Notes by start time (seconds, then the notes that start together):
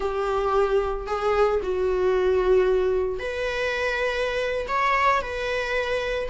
0.00 G4
1.06 G#4
1.62 F#4
3.19 B4
4.68 C#5
5.21 B4